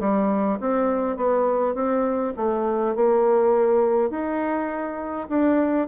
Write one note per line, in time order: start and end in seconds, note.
0.00 0.59 G3
0.60 1.16 C4
1.16 1.75 B3
1.75 2.34 C4
2.37 2.95 A3
2.95 4.10 A#3
4.10 5.28 D#4
5.29 5.88 D4